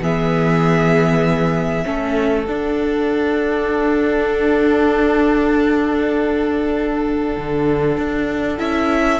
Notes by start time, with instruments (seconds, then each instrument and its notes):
0.00 cello E3, viola B3, violin G#4 E5
1.84 cello A3, viola C#4, violin A4
2.46 cello D4, viola D4, violin F#5
7.37 cello D3
7.97 cello D4
8.58 cello C#4, viola E4, violin E5